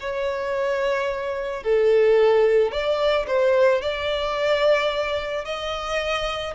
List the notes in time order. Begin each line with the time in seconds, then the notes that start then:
0.00 C#5
1.63 A4
2.71 D5
3.27 C5
3.82 D5
5.45 D#5